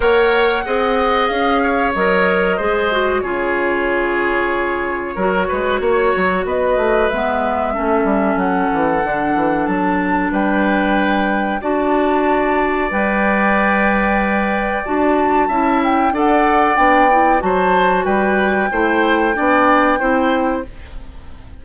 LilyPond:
<<
  \new Staff \with { instrumentName = "flute" } { \time 4/4 \tempo 4 = 93 fis''2 f''4 dis''4~ | dis''4 cis''2.~ | cis''2 dis''4 e''4~ | e''4 fis''2 a''4 |
g''2 a''2 | g''2. a''4~ | a''8 g''8 fis''4 g''4 a''4 | g''1 | }
  \new Staff \with { instrumentName = "oboe" } { \time 4/4 cis''4 dis''4. cis''4. | c''4 gis'2. | ais'8 b'8 cis''4 b'2 | a'1 |
b'2 d''2~ | d''1 | e''4 d''2 c''4 | b'4 c''4 d''4 c''4 | }
  \new Staff \with { instrumentName = "clarinet" } { \time 4/4 ais'4 gis'2 ais'4 | gis'8 fis'8 f'2. | fis'2. b4 | cis'2 d'2~ |
d'2 fis'2 | b'2. fis'4 | e'4 a'4 d'8 e'8 fis'4~ | fis'4 e'4 d'4 e'4 | }
  \new Staff \with { instrumentName = "bassoon" } { \time 4/4 ais4 c'4 cis'4 fis4 | gis4 cis2. | fis8 gis8 ais8 fis8 b8 a8 gis4 | a8 g8 fis8 e8 d8 e8 fis4 |
g2 d'2 | g2. d'4 | cis'4 d'4 b4 fis4 | g4 a4 b4 c'4 | }
>>